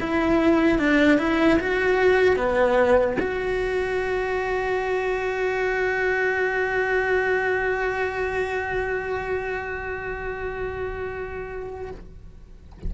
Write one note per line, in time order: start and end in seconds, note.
0.00 0.79 E4
0.79 1.18 D4
1.18 1.59 E4
1.59 2.36 F#4
2.36 3.17 B3
3.20 11.91 F#4